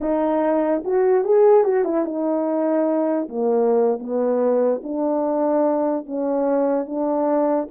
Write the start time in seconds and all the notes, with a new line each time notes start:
0.01 D#4
0.84 F#4
1.24 G#4
1.64 F#4
1.84 E4
2.05 D#4
3.28 A#3
3.99 B3
4.83 D4
6.05 C#4
6.86 D4